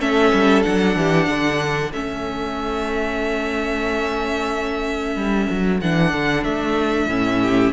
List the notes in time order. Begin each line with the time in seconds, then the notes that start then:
0.00 A3 C#4 A4 E5
0.33 G3
0.63 F#3 D4 F#5
0.96 E3 G4
1.28 D3 A4
1.94 A3 C#4 E5
5.16 G3
5.51 F#3
5.81 E3 D4 F#5
6.13 D3
6.44 A3 E5
7.07 A2 C#4
7.42 G4